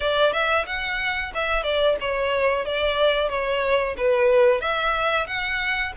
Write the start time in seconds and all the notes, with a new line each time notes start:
0.00 D5
0.32 E5
0.66 F#5
1.34 E5
1.63 D5
2.00 C#5
2.65 D5
3.29 C#5
3.97 B4
4.60 E5
5.26 F#5